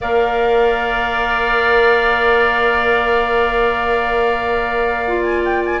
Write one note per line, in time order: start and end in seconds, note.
0.00 5.80 A#3
0.00 5.07 A#4
0.00 5.80 D5
0.00 5.23 F5
5.07 5.80 F4
5.23 5.41 G#5
5.44 5.63 G5
5.65 5.80 G#5